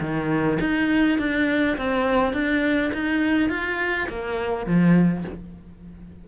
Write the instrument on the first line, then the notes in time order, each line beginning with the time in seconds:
cello
0.00 D#3
0.60 D#4
1.18 D4
1.77 C4
2.33 D4
2.93 D#4
3.49 F4
4.09 A#3
4.66 F3